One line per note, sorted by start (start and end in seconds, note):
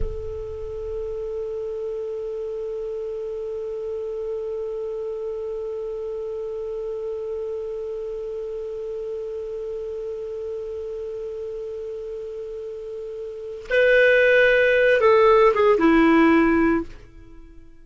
0.00 13.66 A4
13.69 15.00 B4
15.00 15.53 A4
15.54 15.78 G#4
15.78 16.83 E4